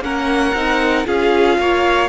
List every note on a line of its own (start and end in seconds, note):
0.00 0.52 A#3
0.00 0.55 C#4
0.00 1.06 A#4
0.00 1.07 F#5
0.53 1.05 C4
0.53 1.05 D#4
1.05 1.58 C#4
1.05 2.08 F4
1.05 1.58 G#4
1.05 2.09 F5
1.58 2.09 A#3
1.58 2.09 C#5